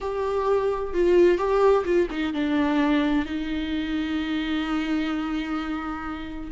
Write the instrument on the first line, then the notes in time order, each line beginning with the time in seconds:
viola
0.00 G4
0.93 F4
1.37 G4
1.84 F4
2.10 D#4
2.33 D4
3.25 D#4